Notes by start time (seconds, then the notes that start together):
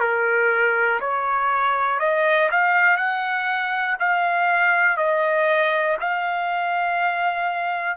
0.00 A#4
1.00 C#5
2.00 D#5
2.51 F5
2.97 F#5
4.00 F5
4.97 D#5
6.00 F5